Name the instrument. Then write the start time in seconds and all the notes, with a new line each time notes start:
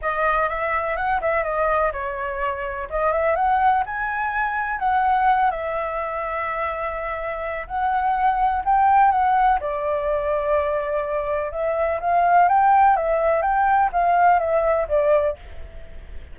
flute
0.01 D#5
0.49 E5
0.96 F#5
1.21 E5
1.43 D#5
1.92 C#5
2.90 D#5
3.12 E5
3.35 F#5
3.86 G#5
4.79 F#5
5.50 E5
7.67 F#5
8.64 G5
9.11 F#5
9.60 D5
11.51 E5
12.00 F5
12.48 G5
12.96 E5
13.42 G5
13.92 F5
14.39 E5
14.88 D5